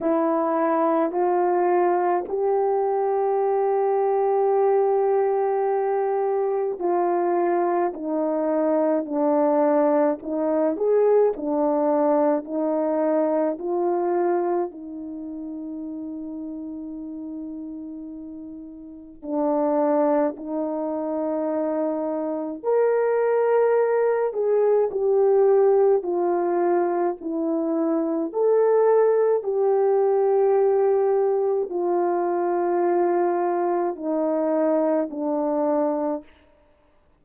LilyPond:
\new Staff \with { instrumentName = "horn" } { \time 4/4 \tempo 4 = 53 e'4 f'4 g'2~ | g'2 f'4 dis'4 | d'4 dis'8 gis'8 d'4 dis'4 | f'4 dis'2.~ |
dis'4 d'4 dis'2 | ais'4. gis'8 g'4 f'4 | e'4 a'4 g'2 | f'2 dis'4 d'4 | }